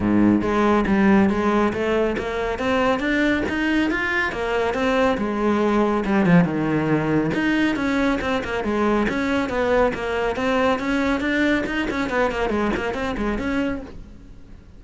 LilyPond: \new Staff \with { instrumentName = "cello" } { \time 4/4 \tempo 4 = 139 gis,4 gis4 g4 gis4 | a4 ais4 c'4 d'4 | dis'4 f'4 ais4 c'4 | gis2 g8 f8 dis4~ |
dis4 dis'4 cis'4 c'8 ais8 | gis4 cis'4 b4 ais4 | c'4 cis'4 d'4 dis'8 cis'8 | b8 ais8 gis8 ais8 c'8 gis8 cis'4 | }